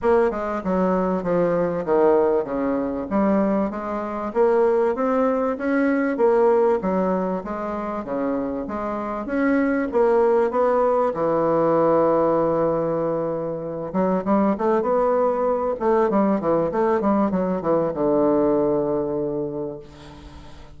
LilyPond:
\new Staff \with { instrumentName = "bassoon" } { \time 4/4 \tempo 4 = 97 ais8 gis8 fis4 f4 dis4 | cis4 g4 gis4 ais4 | c'4 cis'4 ais4 fis4 | gis4 cis4 gis4 cis'4 |
ais4 b4 e2~ | e2~ e8 fis8 g8 a8 | b4. a8 g8 e8 a8 g8 | fis8 e8 d2. | }